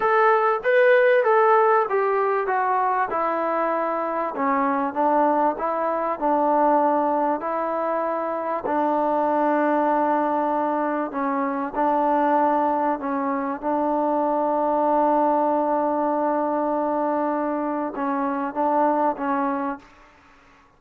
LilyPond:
\new Staff \with { instrumentName = "trombone" } { \time 4/4 \tempo 4 = 97 a'4 b'4 a'4 g'4 | fis'4 e'2 cis'4 | d'4 e'4 d'2 | e'2 d'2~ |
d'2 cis'4 d'4~ | d'4 cis'4 d'2~ | d'1~ | d'4 cis'4 d'4 cis'4 | }